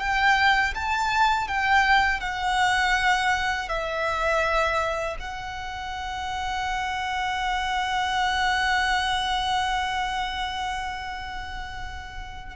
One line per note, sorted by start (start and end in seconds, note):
0.00 0.74 G5
0.75 1.48 A5
1.48 2.21 G5
2.21 3.69 F#5
3.69 5.17 E5
5.20 12.57 F#5